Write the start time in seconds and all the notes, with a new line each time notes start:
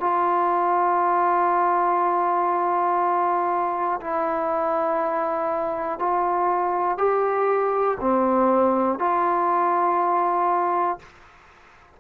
0.00 F4
4.00 E4
5.99 F4
6.98 G4
8.00 C4
9.00 F4